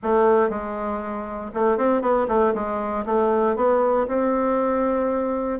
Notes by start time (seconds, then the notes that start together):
0.02 A3
0.49 G#3
1.53 A3
1.77 C4
2.01 B3
2.28 A3
2.54 G#3
3.05 A3
3.56 B3
4.07 C4